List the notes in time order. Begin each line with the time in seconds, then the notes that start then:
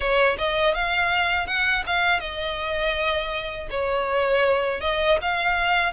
0.00 C#5
0.37 D#5
0.74 F5
1.46 F#5
1.86 F5
2.20 D#5
3.70 C#5
4.80 D#5
5.21 F5